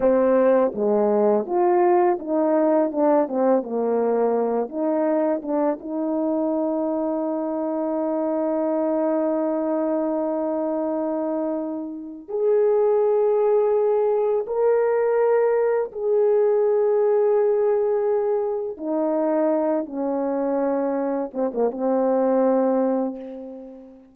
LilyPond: \new Staff \with { instrumentName = "horn" } { \time 4/4 \tempo 4 = 83 c'4 gis4 f'4 dis'4 | d'8 c'8 ais4. dis'4 d'8 | dis'1~ | dis'1~ |
dis'4 gis'2. | ais'2 gis'2~ | gis'2 dis'4. cis'8~ | cis'4. c'16 ais16 c'2 | }